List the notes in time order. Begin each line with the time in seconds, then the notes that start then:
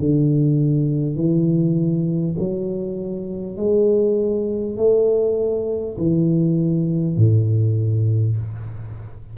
0.00 D3
1.16 E3
2.39 F#3
3.57 G#3
4.77 A3
5.98 E3
7.17 A2